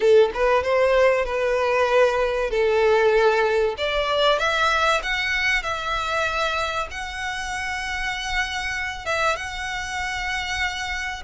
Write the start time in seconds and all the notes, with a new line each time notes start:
0.00 A4
0.34 B4
0.62 C5
1.25 B4
2.50 A4
3.77 D5
4.38 E5
5.03 F#5
5.62 E5
6.90 F#5
9.05 E5
9.36 F#5